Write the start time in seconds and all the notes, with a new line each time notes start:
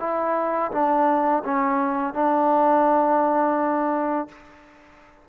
0.00 E4
0.72 D4
1.45 C#4
2.15 D4